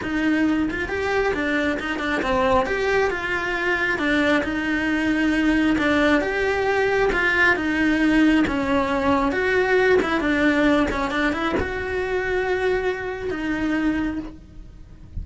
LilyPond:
\new Staff \with { instrumentName = "cello" } { \time 4/4 \tempo 4 = 135 dis'4. f'8 g'4 d'4 | dis'8 d'8 c'4 g'4 f'4~ | f'4 d'4 dis'2~ | dis'4 d'4 g'2 |
f'4 dis'2 cis'4~ | cis'4 fis'4. e'8 d'4~ | d'8 cis'8 d'8 e'8 fis'2~ | fis'2 dis'2 | }